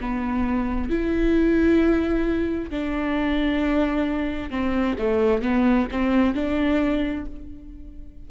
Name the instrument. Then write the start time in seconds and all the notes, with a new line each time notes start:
viola
0.00 B3
0.89 E4
2.70 D4
4.50 C4
4.98 A3
5.42 B3
5.91 C4
6.34 D4